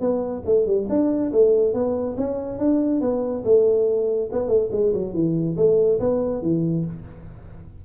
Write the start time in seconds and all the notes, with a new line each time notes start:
0.00 B3
0.45 A3
0.66 G3
0.89 D4
1.32 A3
1.73 B3
2.17 C#4
2.58 D4
3.01 B3
3.44 A3
4.32 B3
4.48 A3
4.71 G#3
4.93 F#3
5.13 E3
5.56 A3
5.99 B3
6.42 E3